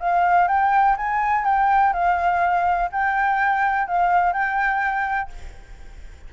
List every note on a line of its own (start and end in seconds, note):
0.00 0.48 F5
0.48 0.96 G5
0.97 1.45 G#5
1.45 1.93 G5
1.93 2.90 F5
2.92 3.88 G5
3.88 4.33 F5
4.33 5.30 G5